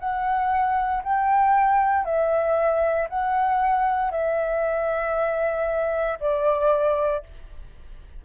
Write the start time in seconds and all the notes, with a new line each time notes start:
0.00 F#5
1.04 G5
2.05 E5
3.09 F#5
4.12 E5
6.20 D5